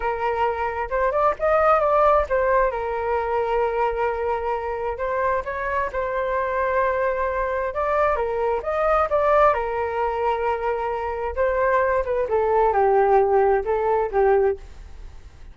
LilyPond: \new Staff \with { instrumentName = "flute" } { \time 4/4 \tempo 4 = 132 ais'2 c''8 d''8 dis''4 | d''4 c''4 ais'2~ | ais'2. c''4 | cis''4 c''2.~ |
c''4 d''4 ais'4 dis''4 | d''4 ais'2.~ | ais'4 c''4. b'8 a'4 | g'2 a'4 g'4 | }